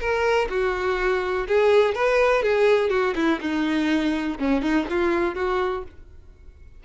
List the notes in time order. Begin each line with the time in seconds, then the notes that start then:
0.00 A#4
0.50 F#4
1.48 G#4
1.95 B4
2.43 G#4
2.90 F#4
3.16 E4
3.41 D#4
4.39 C#4
4.62 D#4
4.90 F4
5.35 F#4